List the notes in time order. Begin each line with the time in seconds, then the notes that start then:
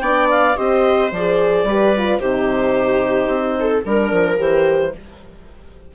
0.00 B3 D4 D5 G5
0.30 F5
0.56 C4 G4 C5 D#5
1.12 F3 G#4 D5
1.64 G3 G4 B4
1.97 F4
2.19 C3 D#4 G4 C5
3.27 C4
3.60 A4
3.85 G3 D4 A#4
4.12 F3
4.38 E3 G4 C5